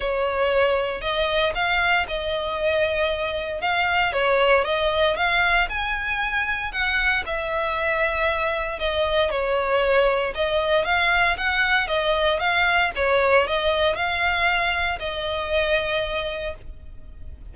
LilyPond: \new Staff \with { instrumentName = "violin" } { \time 4/4 \tempo 4 = 116 cis''2 dis''4 f''4 | dis''2. f''4 | cis''4 dis''4 f''4 gis''4~ | gis''4 fis''4 e''2~ |
e''4 dis''4 cis''2 | dis''4 f''4 fis''4 dis''4 | f''4 cis''4 dis''4 f''4~ | f''4 dis''2. | }